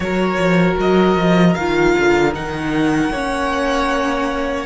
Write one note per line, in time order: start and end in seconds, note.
0.00 0.36 F#3
0.00 1.58 F#4
0.00 3.11 A#4
0.00 0.76 C#5
0.37 0.76 F3
0.78 1.15 F#3
0.78 1.54 D#5
1.15 1.54 F3
1.54 1.96 D#3
1.54 2.33 F4
1.54 2.32 F5
1.98 2.34 D3
2.33 3.11 D#3
2.33 3.11 D#4
2.33 4.66 F#5
3.11 4.66 A#3
3.11 4.66 C#4
3.11 4.66 C#5